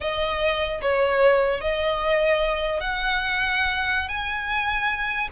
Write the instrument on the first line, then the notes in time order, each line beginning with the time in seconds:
violin
0.00 D#5
0.81 C#5
1.61 D#5
2.80 F#5
4.08 G#5